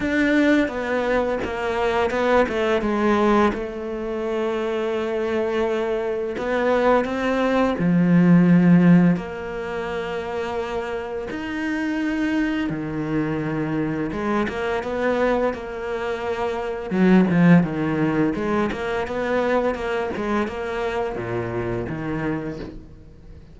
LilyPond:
\new Staff \with { instrumentName = "cello" } { \time 4/4 \tempo 4 = 85 d'4 b4 ais4 b8 a8 | gis4 a2.~ | a4 b4 c'4 f4~ | f4 ais2. |
dis'2 dis2 | gis8 ais8 b4 ais2 | fis8 f8 dis4 gis8 ais8 b4 | ais8 gis8 ais4 ais,4 dis4 | }